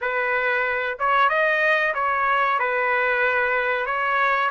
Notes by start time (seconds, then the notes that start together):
0.01 B4
0.99 C#5
1.29 D#5
1.94 C#5
2.59 B4
3.86 C#5